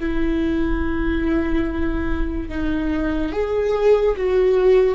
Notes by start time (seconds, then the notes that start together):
0.00 E4
2.49 D#4
3.32 G#4
4.17 F#4